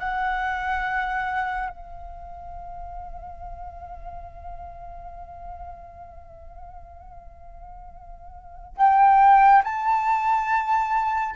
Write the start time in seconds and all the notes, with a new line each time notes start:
0.00 F#5
1.70 F5
8.77 G5
9.64 A5